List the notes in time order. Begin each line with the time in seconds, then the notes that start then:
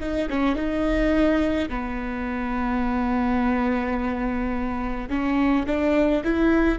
0.00 D#4
0.29 C#4
0.56 D#4
1.69 B3
5.09 C#4
5.66 D4
6.24 E4